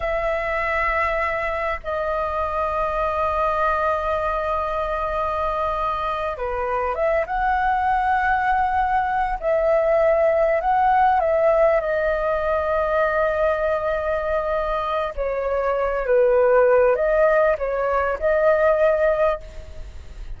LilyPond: \new Staff \with { instrumentName = "flute" } { \time 4/4 \tempo 4 = 99 e''2. dis''4~ | dis''1~ | dis''2~ dis''8 b'4 e''8 | fis''2.~ fis''8 e''8~ |
e''4. fis''4 e''4 dis''8~ | dis''1~ | dis''4 cis''4. b'4. | dis''4 cis''4 dis''2 | }